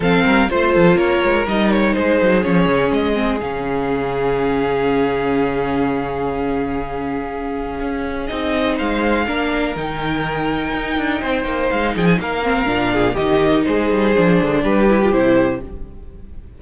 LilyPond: <<
  \new Staff \with { instrumentName = "violin" } { \time 4/4 \tempo 4 = 123 f''4 c''4 cis''4 dis''8 cis''8 | c''4 cis''4 dis''4 f''4~ | f''1~ | f''1~ |
f''4 dis''4 f''2 | g''1 | f''8 g''16 gis''16 f''2 dis''4 | c''2 b'4 c''4 | }
  \new Staff \with { instrumentName = "violin" } { \time 4/4 a'8 ais'8 c''8 a'8 ais'2 | gis'1~ | gis'1~ | gis'1~ |
gis'2 c''4 ais'4~ | ais'2. c''4~ | c''8 gis'8 ais'4. gis'8 g'4 | gis'2 g'2 | }
  \new Staff \with { instrumentName = "viola" } { \time 4/4 c'4 f'2 dis'4~ | dis'4 cis'4. c'8 cis'4~ | cis'1~ | cis'1~ |
cis'4 dis'2 d'4 | dis'1~ | dis'4. c'8 d'4 dis'4~ | dis'4 d'4. e'16 f'16 e'4 | }
  \new Staff \with { instrumentName = "cello" } { \time 4/4 f8 g8 a8 f8 ais8 gis8 g4 | gis8 fis8 f8 cis8 gis4 cis4~ | cis1~ | cis1 |
cis'4 c'4 gis4 ais4 | dis2 dis'8 d'8 c'8 ais8 | gis8 f8 ais4 ais,4 dis4 | gis8 g8 f8 d8 g4 c4 | }
>>